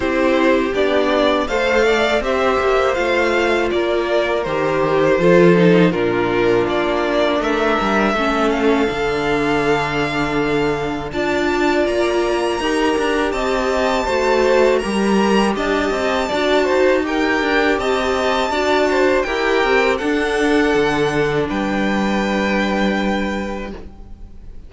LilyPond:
<<
  \new Staff \with { instrumentName = "violin" } { \time 4/4 \tempo 4 = 81 c''4 d''4 f''4 e''4 | f''4 d''4 c''2 | ais'4 d''4 e''4. f''8~ | f''2. a''4 |
ais''2 a''2 | ais''4 a''2 g''4 | a''2 g''4 fis''4~ | fis''4 g''2. | }
  \new Staff \with { instrumentName = "violin" } { \time 4/4 g'2 c''8 d''8 c''4~ | c''4 ais'2 a'4 | f'2 ais'4 a'4~ | a'2. d''4~ |
d''4 ais'4 dis''4 c''4 | ais'4 dis''4 d''8 c''8 ais'4 | dis''4 d''8 c''8 ais'4 a'4~ | a'4 b'2. | }
  \new Staff \with { instrumentName = "viola" } { \time 4/4 e'4 d'4 a'4 g'4 | f'2 g'4 f'8 dis'8 | d'2. cis'4 | d'2. f'4~ |
f'4 g'2 fis'4 | g'2 fis'4 g'4~ | g'4 fis'4 g'4 d'4~ | d'1 | }
  \new Staff \with { instrumentName = "cello" } { \time 4/4 c'4 b4 a4 c'8 ais8 | a4 ais4 dis4 f4 | ais,4 ais4 a8 g8 a4 | d2. d'4 |
ais4 dis'8 d'8 c'4 a4 | g4 d'8 c'8 d'8 dis'4 d'8 | c'4 d'4 e'8 c'8 d'4 | d4 g2. | }
>>